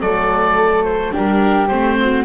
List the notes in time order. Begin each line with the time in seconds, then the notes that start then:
0.00 F#3 A3 A4 D5
0.84 C5
1.12 G3 D4 G4 A#4
1.68 A3 C4 C5
2.00 F#4